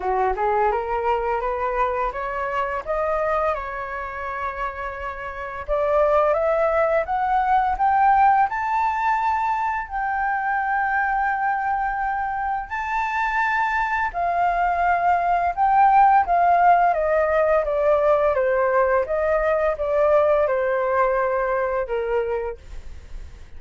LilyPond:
\new Staff \with { instrumentName = "flute" } { \time 4/4 \tempo 4 = 85 fis'8 gis'8 ais'4 b'4 cis''4 | dis''4 cis''2. | d''4 e''4 fis''4 g''4 | a''2 g''2~ |
g''2 a''2 | f''2 g''4 f''4 | dis''4 d''4 c''4 dis''4 | d''4 c''2 ais'4 | }